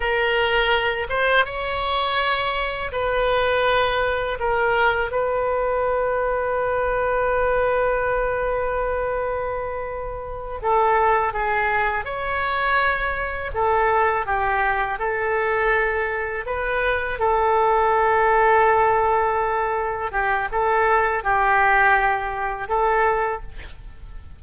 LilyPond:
\new Staff \with { instrumentName = "oboe" } { \time 4/4 \tempo 4 = 82 ais'4. c''8 cis''2 | b'2 ais'4 b'4~ | b'1~ | b'2~ b'8 a'4 gis'8~ |
gis'8 cis''2 a'4 g'8~ | g'8 a'2 b'4 a'8~ | a'2.~ a'8 g'8 | a'4 g'2 a'4 | }